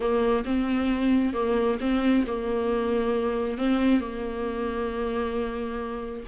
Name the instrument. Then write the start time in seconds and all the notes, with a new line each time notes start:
viola
0.00 A#3
0.45 C4
1.33 A#3
1.80 C4
2.26 A#3
3.57 C4
4.00 A#3